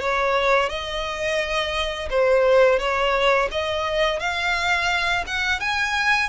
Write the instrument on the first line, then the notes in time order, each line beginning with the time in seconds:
violin
0.00 C#5
0.69 D#5
2.10 C5
2.79 C#5
3.51 D#5
4.20 F5
5.26 F#5
5.60 G#5